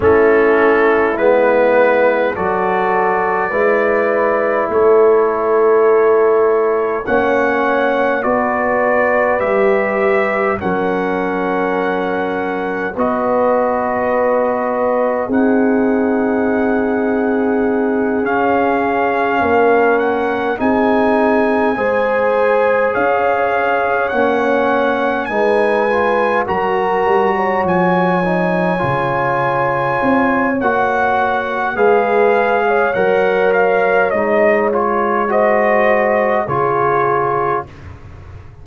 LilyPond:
<<
  \new Staff \with { instrumentName = "trumpet" } { \time 4/4 \tempo 4 = 51 a'4 b'4 d''2 | cis''2 fis''4 d''4 | e''4 fis''2 dis''4~ | dis''4 fis''2~ fis''8 f''8~ |
f''4 fis''8 gis''2 f''8~ | f''8 fis''4 gis''4 ais''4 gis''8~ | gis''2 fis''4 f''4 | fis''8 f''8 dis''8 cis''8 dis''4 cis''4 | }
  \new Staff \with { instrumentName = "horn" } { \time 4/4 e'2 a'4 b'4 | a'2 cis''4 b'4~ | b'4 ais'2 b'4~ | b'4 gis'2.~ |
gis'8 ais'4 gis'4 c''4 cis''8~ | cis''4. b'4 ais'8. cis''8.~ | cis''2. b'8. cis''16~ | cis''2 c''4 gis'4 | }
  \new Staff \with { instrumentName = "trombone" } { \time 4/4 cis'4 b4 fis'4 e'4~ | e'2 cis'4 fis'4 | g'4 cis'2 fis'4~ | fis'4 dis'2~ dis'8 cis'8~ |
cis'4. dis'4 gis'4.~ | gis'8 cis'4 dis'8 f'8 fis'4. | dis'8 f'4. fis'4 gis'4 | ais'4 dis'8 f'8 fis'4 f'4 | }
  \new Staff \with { instrumentName = "tuba" } { \time 4/4 a4 gis4 fis4 gis4 | a2 ais4 b4 | g4 fis2 b4~ | b4 c'2~ c'8 cis'8~ |
cis'8 ais4 c'4 gis4 cis'8~ | cis'8 ais4 gis4 fis8 g8 f8~ | f8 cis4 c'8 ais4 gis4 | fis4 gis2 cis4 | }
>>